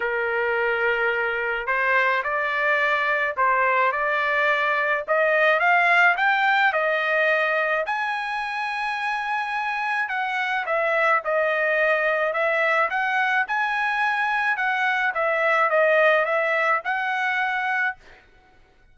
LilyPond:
\new Staff \with { instrumentName = "trumpet" } { \time 4/4 \tempo 4 = 107 ais'2. c''4 | d''2 c''4 d''4~ | d''4 dis''4 f''4 g''4 | dis''2 gis''2~ |
gis''2 fis''4 e''4 | dis''2 e''4 fis''4 | gis''2 fis''4 e''4 | dis''4 e''4 fis''2 | }